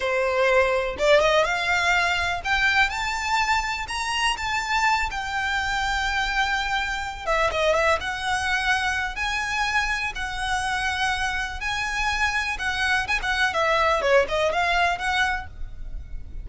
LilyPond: \new Staff \with { instrumentName = "violin" } { \time 4/4 \tempo 4 = 124 c''2 d''8 dis''8 f''4~ | f''4 g''4 a''2 | ais''4 a''4. g''4.~ | g''2. e''8 dis''8 |
e''8 fis''2~ fis''8 gis''4~ | gis''4 fis''2. | gis''2 fis''4 gis''16 fis''8. | e''4 cis''8 dis''8 f''4 fis''4 | }